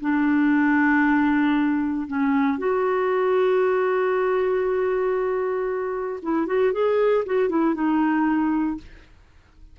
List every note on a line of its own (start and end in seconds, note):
0.00 2.07 D4
2.07 2.58 C#4
2.58 6.20 F#4
6.22 6.46 E4
6.46 6.72 F#4
6.72 7.24 G#4
7.26 7.49 F#4
7.49 7.74 E4
7.74 8.77 D#4